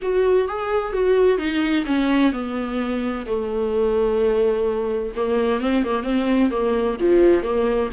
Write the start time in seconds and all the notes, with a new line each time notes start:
0.02 F#4
0.48 G#4
0.92 F#4
1.38 D#4
1.86 C#4
2.32 B3
3.26 A3
5.15 A#3
5.60 C4
5.84 A#3
6.03 C4
6.50 A#3
7.00 F3
7.42 A#3